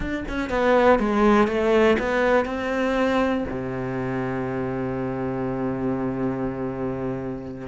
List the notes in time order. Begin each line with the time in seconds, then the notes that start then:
0.00 D4
0.28 C#4
0.49 B3
0.99 G#3
1.47 A3
1.98 B3
2.45 C4
3.49 C3